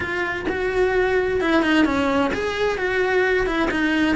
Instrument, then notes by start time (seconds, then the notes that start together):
cello
0.00 F4
0.48 F#4
1.41 E4
1.62 D#4
1.85 C#4
2.33 G#4
2.78 F#4
3.46 E4
3.70 D#4